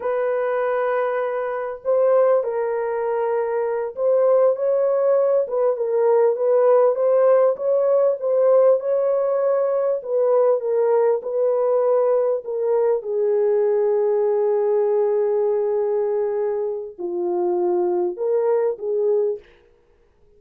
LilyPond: \new Staff \with { instrumentName = "horn" } { \time 4/4 \tempo 4 = 99 b'2. c''4 | ais'2~ ais'8 c''4 cis''8~ | cis''4 b'8 ais'4 b'4 c''8~ | c''8 cis''4 c''4 cis''4.~ |
cis''8 b'4 ais'4 b'4.~ | b'8 ais'4 gis'2~ gis'8~ | gis'1 | f'2 ais'4 gis'4 | }